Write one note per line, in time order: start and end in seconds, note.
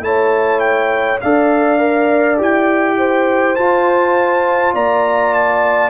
0.00 1.18 A3
0.00 1.18 E4
0.00 1.22 C#5
0.00 0.60 A5
0.60 1.18 G5
1.21 2.39 D4
1.21 1.78 A4
1.21 2.97 D5
1.21 2.38 F5
1.78 2.37 A#4
2.37 3.57 E4
2.37 3.55 G4
2.37 3.55 G5
2.97 4.74 C5
3.55 5.89 F4
3.55 4.74 F4
3.55 4.73 A5
4.74 5.89 A#3
4.74 5.89 D5
4.74 5.34 A#5
5.34 5.89 A5